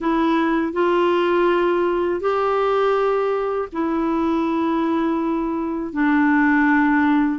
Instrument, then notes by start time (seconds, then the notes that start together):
clarinet
0.00 E4
0.72 F4
2.20 G4
3.72 E4
5.93 D4